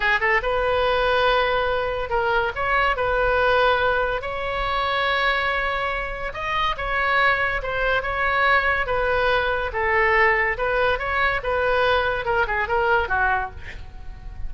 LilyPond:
\new Staff \with { instrumentName = "oboe" } { \time 4/4 \tempo 4 = 142 gis'8 a'8 b'2.~ | b'4 ais'4 cis''4 b'4~ | b'2 cis''2~ | cis''2. dis''4 |
cis''2 c''4 cis''4~ | cis''4 b'2 a'4~ | a'4 b'4 cis''4 b'4~ | b'4 ais'8 gis'8 ais'4 fis'4 | }